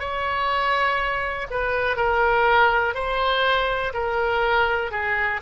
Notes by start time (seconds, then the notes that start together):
0.00 C#5
1.51 B4
1.97 A#4
2.95 C5
3.94 A#4
4.91 G#4